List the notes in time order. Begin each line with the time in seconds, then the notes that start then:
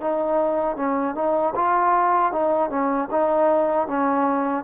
0.00 D#4
0.76 C#4
1.15 D#4
1.55 F4
2.32 D#4
2.70 C#4
3.11 D#4
3.87 C#4